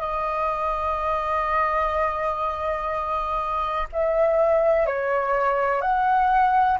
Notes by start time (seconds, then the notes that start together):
0.00 D#5
3.92 E5
4.86 C#5
5.81 F#5